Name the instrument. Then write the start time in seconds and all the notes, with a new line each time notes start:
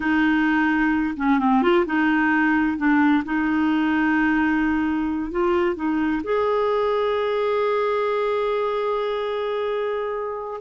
clarinet
0.00 D#4
1.16 C#4
1.39 C4
1.62 F4
1.86 D#4
2.77 D4
3.24 D#4
5.31 F4
5.75 D#4
6.23 G#4